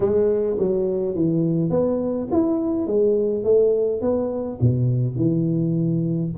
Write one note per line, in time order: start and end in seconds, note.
0.00 0.56 G#3
0.58 1.15 F#3
1.15 1.70 E3
1.70 2.27 B3
2.31 2.86 E4
2.86 3.44 G#3
3.44 4.01 A3
4.01 4.59 B3
4.60 5.16 B2
5.16 6.31 E3